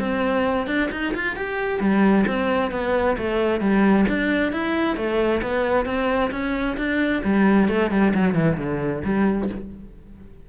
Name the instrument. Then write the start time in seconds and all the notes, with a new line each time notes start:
cello
0.00 C4
0.67 D4
0.92 D#4
1.15 F4
1.36 G4
1.80 G3
2.27 C4
2.71 B3
3.18 A3
3.61 G3
4.09 D4
4.53 E4
4.97 A3
5.43 B3
5.86 C4
6.32 C#4
6.78 D4
7.24 G3
7.69 A3
7.91 G3
8.14 F#3
8.35 E3
8.58 D3
9.04 G3